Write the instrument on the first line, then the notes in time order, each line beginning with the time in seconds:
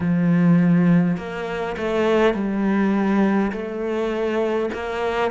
cello
0.00 F3
1.17 A#3
1.76 A3
2.34 G3
3.51 A3
4.73 A#3